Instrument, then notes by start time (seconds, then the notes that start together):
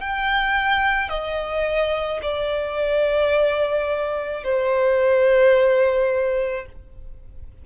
violin
0.00 G5
1.09 D#5
2.22 D5
4.43 C5